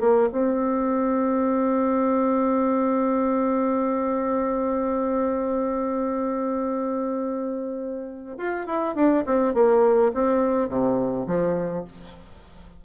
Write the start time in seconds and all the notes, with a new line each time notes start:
0.00 A#3
0.32 C4
8.37 F4
8.66 E4
8.95 D4
9.26 C4
9.54 A#3
10.14 C4
10.68 C3
11.27 F3